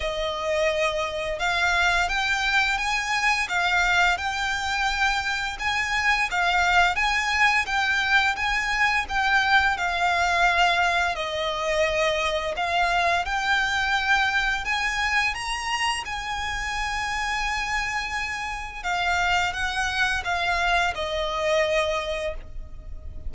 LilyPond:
\new Staff \with { instrumentName = "violin" } { \time 4/4 \tempo 4 = 86 dis''2 f''4 g''4 | gis''4 f''4 g''2 | gis''4 f''4 gis''4 g''4 | gis''4 g''4 f''2 |
dis''2 f''4 g''4~ | g''4 gis''4 ais''4 gis''4~ | gis''2. f''4 | fis''4 f''4 dis''2 | }